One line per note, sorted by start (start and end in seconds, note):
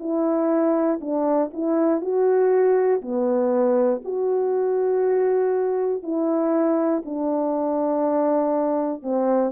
0.00 1.00 E4
1.01 1.51 D4
1.54 2.01 E4
2.01 3.01 F#4
3.02 4.02 B3
4.05 6.03 F#4
6.03 7.03 E4
7.05 9.03 D4
9.03 9.52 C4